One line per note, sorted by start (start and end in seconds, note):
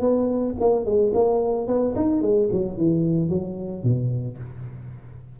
0.00 0.55 B3
0.60 0.85 A#3
0.85 1.12 G#3
1.14 1.67 A#3
1.67 1.94 B3
1.96 2.22 D#4
2.22 2.49 G#3
2.52 2.77 F#3
2.77 3.30 E3
3.30 3.83 F#3
3.83 4.38 B2